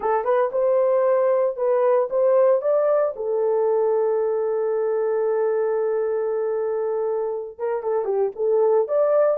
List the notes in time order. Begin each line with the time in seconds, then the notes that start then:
0.00 A4
0.24 B4
0.52 C5
1.56 B4
2.10 C5
2.61 D5
3.16 A4
7.58 A#4
7.83 A4
8.05 G4
8.35 A4
8.88 D5